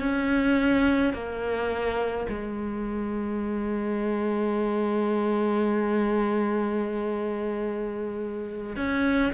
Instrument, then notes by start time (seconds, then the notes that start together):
cello
0.00 C#4
1.13 A#3
2.29 G#3
8.76 C#4